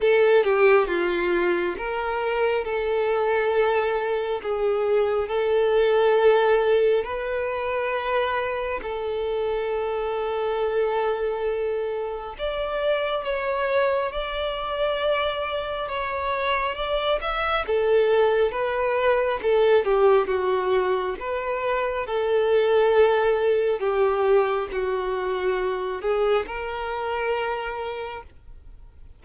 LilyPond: \new Staff \with { instrumentName = "violin" } { \time 4/4 \tempo 4 = 68 a'8 g'8 f'4 ais'4 a'4~ | a'4 gis'4 a'2 | b'2 a'2~ | a'2 d''4 cis''4 |
d''2 cis''4 d''8 e''8 | a'4 b'4 a'8 g'8 fis'4 | b'4 a'2 g'4 | fis'4. gis'8 ais'2 | }